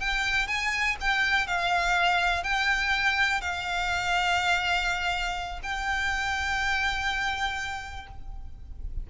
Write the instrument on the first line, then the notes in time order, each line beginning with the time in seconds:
violin
0.00 G5
0.48 G#5
1.01 G5
1.47 F5
2.44 G5
3.41 F5
5.63 G5